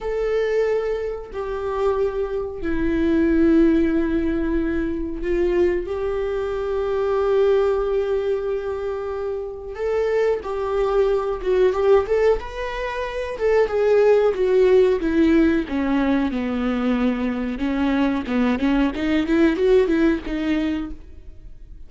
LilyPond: \new Staff \with { instrumentName = "viola" } { \time 4/4 \tempo 4 = 92 a'2 g'2 | e'1 | f'4 g'2.~ | g'2. a'4 |
g'4. fis'8 g'8 a'8 b'4~ | b'8 a'8 gis'4 fis'4 e'4 | cis'4 b2 cis'4 | b8 cis'8 dis'8 e'8 fis'8 e'8 dis'4 | }